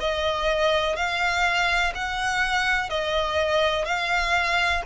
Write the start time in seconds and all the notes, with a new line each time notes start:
0.00 D#5
0.95 F5
1.94 F#5
2.89 D#5
3.85 F5